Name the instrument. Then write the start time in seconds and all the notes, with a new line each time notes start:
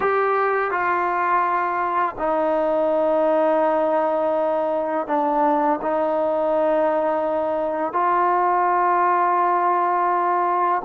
trombone
0.00 G4
0.71 F4
2.18 D#4
5.07 D4
5.82 D#4
7.93 F4